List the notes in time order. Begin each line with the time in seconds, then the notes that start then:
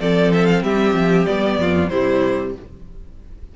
0.00 F3 C4 A4 D5
0.33 E5
0.46 F5
0.63 G3 G4 E5
0.93 F3
1.25 G3 B3 D5
1.58 F2 F4
1.88 C3 G3 E4 C5